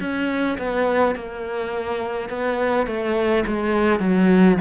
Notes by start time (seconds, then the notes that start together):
0.00 C#4
0.58 B3
1.15 A#3
2.29 B3
2.86 A3
3.47 G#3
4.00 F#3